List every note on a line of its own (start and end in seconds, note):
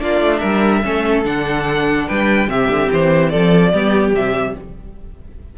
0.00 0.21 A#3
0.00 0.83 D4
0.00 0.41 F4
0.00 0.39 D5
0.21 0.42 A3
0.39 0.85 G3
0.39 0.82 A#4
0.39 1.22 E5
0.84 1.25 A3
0.84 1.25 C#4
0.84 2.09 A4
1.25 2.08 D3
1.25 2.48 D4
1.25 2.09 F#5
2.09 2.48 G3
2.09 2.50 B4
2.09 2.50 G5
2.48 2.69 C3
2.48 3.72 C4
2.48 3.32 G4
2.48 2.91 E5
2.69 2.90 D3
2.93 3.34 E3
2.93 3.30 C5
3.30 3.73 F3
3.30 3.73 A4
3.30 4.13 D5
3.73 4.14 G3
3.73 4.15 B3
3.73 4.56 G4
4.14 4.55 C3
4.14 4.58 G3
4.14 4.57 E5